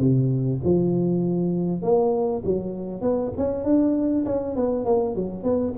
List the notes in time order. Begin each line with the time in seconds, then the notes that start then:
0.00 C3
0.64 F3
1.83 A#3
2.45 F#3
3.02 B3
3.38 C#4
3.65 D4
4.26 C#4
4.56 B3
4.85 A#3
5.16 F#3
5.44 B3